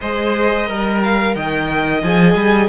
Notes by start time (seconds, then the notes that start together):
0.01 G#3 G#4 C5 D#5
0.65 G3 A#4
1.02 F5
1.34 D#3 D#5 G5
2.02 F3 G#4 G#5
2.34 G3